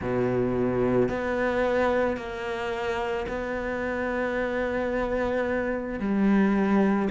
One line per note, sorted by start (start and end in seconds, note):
0.01 1.09 B2
1.09 2.17 B3
2.17 3.26 A#3
3.28 6.00 B3
6.00 7.09 G3